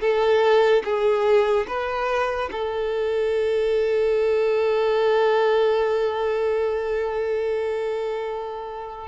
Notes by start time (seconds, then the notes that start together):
0.00 A4
0.84 G#4
1.67 B4
2.51 A4